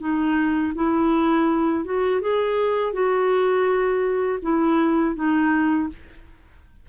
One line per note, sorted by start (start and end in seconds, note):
0.00 0.73 D#4
0.75 1.85 E4
1.85 2.21 F#4
2.21 2.93 G#4
2.93 4.39 F#4
4.42 5.16 E4
5.16 5.89 D#4